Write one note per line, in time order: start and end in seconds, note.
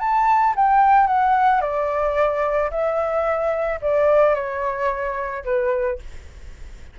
0.00 0.55 A5
0.56 1.08 G5
1.08 1.61 F#5
1.61 2.70 D5
2.71 3.80 E5
3.82 4.35 D5
4.35 5.44 C#5
5.45 6.00 B4